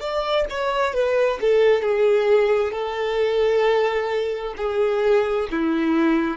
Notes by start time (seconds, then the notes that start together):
0.00 D5
0.50 C#5
0.93 B4
1.41 A4
1.82 G#4
2.72 A4
4.57 G#4
5.51 E4